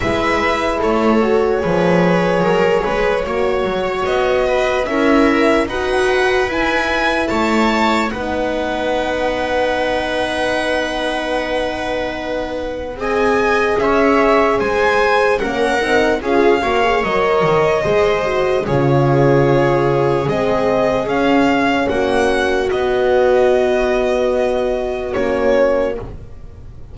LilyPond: <<
  \new Staff \with { instrumentName = "violin" } { \time 4/4 \tempo 4 = 74 e''4 cis''2.~ | cis''4 dis''4 e''4 fis''4 | gis''4 a''4 fis''2~ | fis''1 |
gis''4 e''4 gis''4 fis''4 | f''4 dis''2 cis''4~ | cis''4 dis''4 f''4 fis''4 | dis''2. cis''4 | }
  \new Staff \with { instrumentName = "viola" } { \time 4/4 b'4 a'4 b'4 ais'8 b'8 | cis''4. b'8 ais'4 b'4~ | b'4 cis''4 b'2~ | b'1 |
dis''4 cis''4 c''4 ais'4 | gis'8 cis''4. c''4 gis'4~ | gis'2. fis'4~ | fis'1 | }
  \new Staff \with { instrumentName = "horn" } { \time 4/4 e'4. fis'8 gis'2 | fis'2 e'4 fis'4 | e'2 dis'2~ | dis'1 |
gis'2. cis'8 dis'8 | f'8 fis'16 gis'16 ais'4 gis'8 fis'8 f'4~ | f'4 c'4 cis'2 | b2. cis'4 | }
  \new Staff \with { instrumentName = "double bass" } { \time 4/4 gis4 a4 f4 fis8 gis8 | ais8 fis8 b4 cis'4 dis'4 | e'4 a4 b2~ | b1 |
c'4 cis'4 gis4 ais8 c'8 | cis'8 ais8 fis8 dis8 gis4 cis4~ | cis4 gis4 cis'4 ais4 | b2. ais4 | }
>>